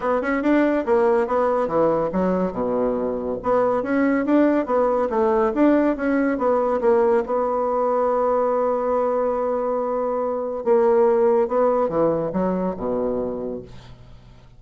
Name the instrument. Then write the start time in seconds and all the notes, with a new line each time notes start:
bassoon
0.00 B3
0.21 C#4
0.42 D4
0.85 A#3
1.27 B3
1.67 E3
2.12 F#3
2.52 B2
3.43 B3
3.83 C#4
4.25 D4
4.66 B3
5.09 A3
5.54 D4
5.96 C#4
6.38 B3
6.80 A#3
7.26 B3
10.64 A#3
11.47 B3
11.88 E3
12.32 F#3
12.77 B2